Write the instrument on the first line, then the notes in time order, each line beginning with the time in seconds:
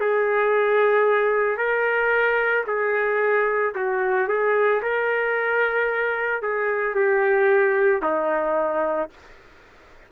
trumpet
0.00 G#4
1.57 A#4
2.67 G#4
3.75 F#4
4.28 G#4
4.82 A#4
6.42 G#4
6.95 G4
8.02 D#4